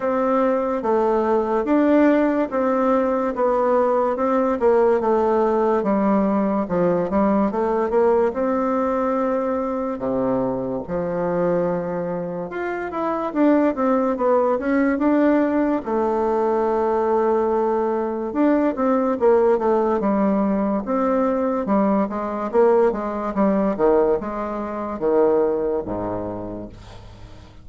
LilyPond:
\new Staff \with { instrumentName = "bassoon" } { \time 4/4 \tempo 4 = 72 c'4 a4 d'4 c'4 | b4 c'8 ais8 a4 g4 | f8 g8 a8 ais8 c'2 | c4 f2 f'8 e'8 |
d'8 c'8 b8 cis'8 d'4 a4~ | a2 d'8 c'8 ais8 a8 | g4 c'4 g8 gis8 ais8 gis8 | g8 dis8 gis4 dis4 gis,4 | }